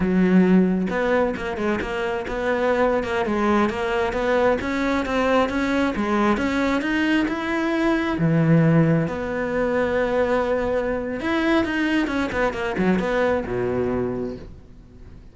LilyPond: \new Staff \with { instrumentName = "cello" } { \time 4/4 \tempo 4 = 134 fis2 b4 ais8 gis8 | ais4 b4.~ b16 ais8 gis8.~ | gis16 ais4 b4 cis'4 c'8.~ | c'16 cis'4 gis4 cis'4 dis'8.~ |
dis'16 e'2 e4.~ e16~ | e16 b2.~ b8.~ | b4 e'4 dis'4 cis'8 b8 | ais8 fis8 b4 b,2 | }